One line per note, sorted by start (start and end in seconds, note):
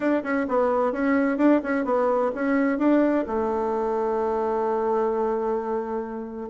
0.00 0.22 D4
0.23 0.46 C#4
0.48 0.92 B3
0.92 1.37 C#4
1.37 1.60 D4
1.63 1.84 C#4
1.84 2.31 B3
2.34 2.78 C#4
2.78 3.25 D4
3.26 6.49 A3